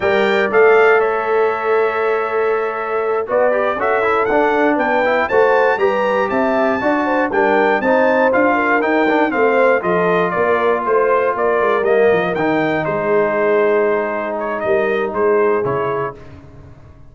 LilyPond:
<<
  \new Staff \with { instrumentName = "trumpet" } { \time 4/4 \tempo 4 = 119 g''4 f''4 e''2~ | e''2~ e''8 d''4 e''8~ | e''8 fis''4 g''4 a''4 ais''8~ | ais''8 a''2 g''4 a''8~ |
a''8 f''4 g''4 f''4 dis''8~ | dis''8 d''4 c''4 d''4 dis''8~ | dis''8 g''4 c''2~ c''8~ | c''8 cis''8 dis''4 c''4 cis''4 | }
  \new Staff \with { instrumentName = "horn" } { \time 4/4 d''2 cis''2~ | cis''2~ cis''8 b'4 a'8~ | a'4. b'4 c''4 b'8~ | b'8 e''4 d''8 c''8 ais'4 c''8~ |
c''4 ais'4. c''4 a'8~ | a'8 ais'4 c''4 ais'4.~ | ais'4. gis'2~ gis'8~ | gis'4 ais'4 gis'2 | }
  \new Staff \with { instrumentName = "trombone" } { \time 4/4 ais'4 a'2.~ | a'2~ a'8 fis'8 g'8 fis'8 | e'8 d'4. e'8 fis'4 g'8~ | g'4. fis'4 d'4 dis'8~ |
dis'8 f'4 dis'8 d'8 c'4 f'8~ | f'2.~ f'8 ais8~ | ais8 dis'2.~ dis'8~ | dis'2. e'4 | }
  \new Staff \with { instrumentName = "tuba" } { \time 4/4 g4 a2.~ | a2~ a8 b4 cis'8~ | cis'8 d'4 b4 a4 g8~ | g8 c'4 d'4 g4 c'8~ |
c'8 d'4 dis'4 a4 f8~ | f8 ais4 a4 ais8 gis8 g8 | f8 dis4 gis2~ gis8~ | gis4 g4 gis4 cis4 | }
>>